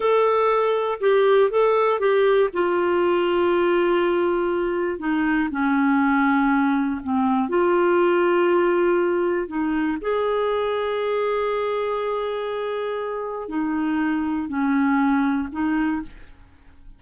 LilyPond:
\new Staff \with { instrumentName = "clarinet" } { \time 4/4 \tempo 4 = 120 a'2 g'4 a'4 | g'4 f'2.~ | f'2 dis'4 cis'4~ | cis'2 c'4 f'4~ |
f'2. dis'4 | gis'1~ | gis'2. dis'4~ | dis'4 cis'2 dis'4 | }